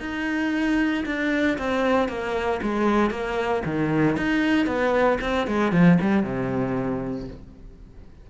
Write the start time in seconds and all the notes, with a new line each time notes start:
0.00 D#4
1.06 D4
1.58 C4
2.08 A#3
2.62 G#3
3.10 A#3
3.65 D#3
4.17 D#4
4.66 B3
5.21 C4
5.47 G#3
5.72 F3
6.01 G3
6.23 C3